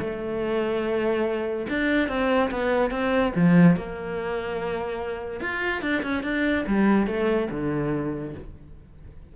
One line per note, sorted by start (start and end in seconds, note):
0.00 1.67 A3
1.69 2.08 D4
2.08 2.50 C4
2.51 2.91 B3
2.91 3.32 C4
3.35 3.76 F3
3.76 5.40 A#3
5.40 5.81 F4
5.81 6.02 D4
6.02 6.23 C#4
6.23 6.65 D4
6.66 7.07 G3
7.07 7.48 A3
7.51 8.34 D3